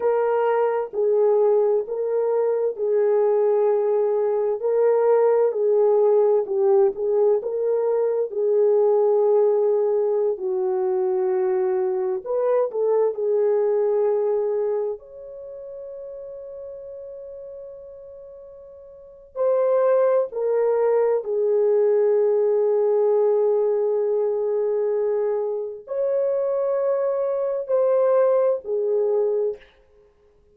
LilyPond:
\new Staff \with { instrumentName = "horn" } { \time 4/4 \tempo 4 = 65 ais'4 gis'4 ais'4 gis'4~ | gis'4 ais'4 gis'4 g'8 gis'8 | ais'4 gis'2~ gis'16 fis'8.~ | fis'4~ fis'16 b'8 a'8 gis'4.~ gis'16~ |
gis'16 cis''2.~ cis''8.~ | cis''4 c''4 ais'4 gis'4~ | gis'1 | cis''2 c''4 gis'4 | }